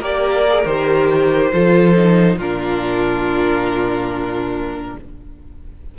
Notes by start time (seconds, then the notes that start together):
0.00 A#3 G4 A#4 D5
0.49 G#4
0.66 D#3 G4 C5
1.52 F3 F4 A4
1.96 D#4
2.37 A#2 D4 F4 A#4